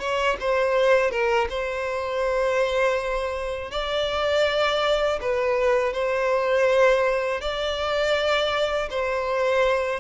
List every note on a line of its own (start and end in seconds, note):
0.00 0.37 C#5
0.40 1.11 C5
1.11 1.48 A#4
1.50 3.71 C5
3.71 5.20 D5
5.21 5.93 B4
5.93 7.41 C5
7.41 8.90 D5
8.91 10.00 C5